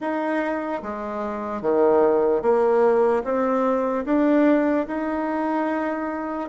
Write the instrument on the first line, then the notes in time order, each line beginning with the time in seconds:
bassoon
0.00 D#4
0.82 G#3
1.61 D#3
2.42 A#3
3.24 C4
4.05 D4
4.87 D#4